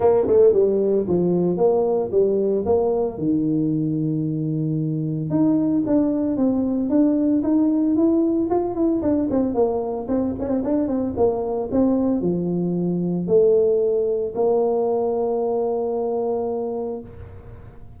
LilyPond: \new Staff \with { instrumentName = "tuba" } { \time 4/4 \tempo 4 = 113 ais8 a8 g4 f4 ais4 | g4 ais4 dis2~ | dis2 dis'4 d'4 | c'4 d'4 dis'4 e'4 |
f'8 e'8 d'8 c'8 ais4 c'8 cis'16 c'16 | d'8 c'8 ais4 c'4 f4~ | f4 a2 ais4~ | ais1 | }